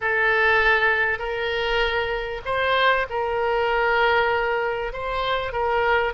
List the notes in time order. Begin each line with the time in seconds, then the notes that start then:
0.01 A4
1.19 A#4
2.45 C5
3.09 A#4
4.92 C5
5.52 A#4